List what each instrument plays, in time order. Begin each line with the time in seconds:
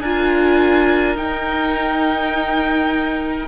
0.00 cello D4, viola F4, violin A#4 G#5
1.15 cello D#4, viola D#4, violin G5